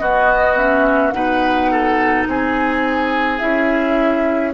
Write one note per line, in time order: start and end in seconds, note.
0.00 1.13 B3
0.00 0.58 B3
0.00 1.14 F#4
0.00 0.57 D#5
0.57 1.13 C#4
0.57 1.11 E5
1.11 2.27 B2
1.11 3.39 D#4
1.11 1.71 B4
1.11 2.24 F#5
1.71 2.28 A4
2.27 3.40 C4
2.27 4.54 G#4
2.27 3.39 G#5
3.39 4.54 C#4
3.39 4.53 E4
3.39 4.52 E5